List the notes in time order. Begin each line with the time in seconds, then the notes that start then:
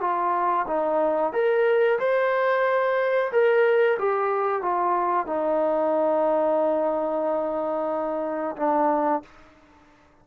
0.00 F4
0.67 D#4
1.32 A#4
1.99 C5
3.31 A#4
3.98 G4
4.62 F4
5.26 D#4
8.56 D4